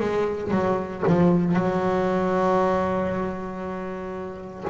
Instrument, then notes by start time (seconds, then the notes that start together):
double bass
0.00 G#3
0.51 F#3
1.07 F3
1.54 F#3